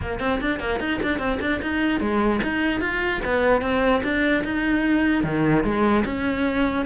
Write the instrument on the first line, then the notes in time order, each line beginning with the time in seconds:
cello
0.01 A#3
0.19 C4
0.40 D4
0.59 A#3
0.80 D#4
1.02 D4
1.18 C4
1.40 D4
1.61 D#4
2.00 G#3
2.43 D#4
2.80 F4
3.24 B3
3.61 C4
4.03 D4
4.43 D#4
5.23 D#3
5.64 G#3
6.05 C#4